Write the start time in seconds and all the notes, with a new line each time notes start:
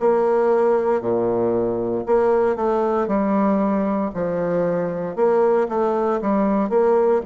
0.00 A#3
1.01 A#2
2.06 A#3
2.56 A3
3.08 G3
4.14 F3
5.15 A#3
5.68 A3
6.21 G3
6.70 A#3